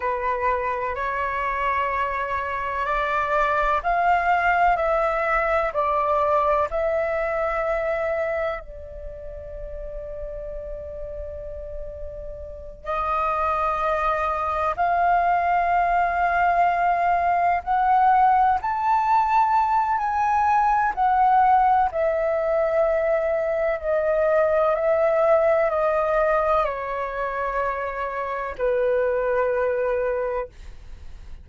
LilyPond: \new Staff \with { instrumentName = "flute" } { \time 4/4 \tempo 4 = 63 b'4 cis''2 d''4 | f''4 e''4 d''4 e''4~ | e''4 d''2.~ | d''4. dis''2 f''8~ |
f''2~ f''8 fis''4 a''8~ | a''4 gis''4 fis''4 e''4~ | e''4 dis''4 e''4 dis''4 | cis''2 b'2 | }